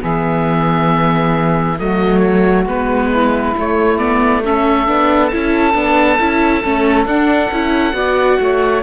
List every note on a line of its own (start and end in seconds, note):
0.00 1.79 E3
0.00 1.77 B3
0.00 1.76 G#4
0.00 1.79 E5
1.79 2.65 F#3
1.79 2.67 A3
1.79 3.09 F#4
1.79 2.19 D#5
2.19 2.63 C#5
2.65 3.53 G#3
2.65 3.56 B3
2.65 3.55 B4
3.09 4.42 E4
3.57 3.98 A3
3.57 4.87 A3
3.57 3.98 C#5
3.98 4.42 B3
3.98 4.42 D5
4.43 4.86 C#4
4.43 7.95 A4
4.43 5.27 E5
4.86 5.31 B3
4.86 5.31 D4
5.27 5.74 E4
5.27 7.04 A5
5.34 5.74 C#4
5.74 6.18 B3
5.74 6.18 D4
6.19 6.63 C#4
6.19 6.63 E4
6.63 7.05 A3
6.63 7.06 C#4
7.05 7.49 D4
7.05 7.50 D4
7.05 8.82 F#5
7.51 7.92 C#4
7.51 7.93 E4
7.92 8.37 B3
7.92 8.81 F#4
7.92 8.39 D5
8.40 8.82 A3
8.40 8.82 C#5